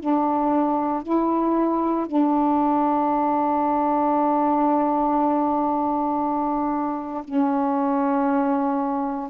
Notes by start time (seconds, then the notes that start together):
0.00 D4
1.03 E4
2.06 D4
7.24 C#4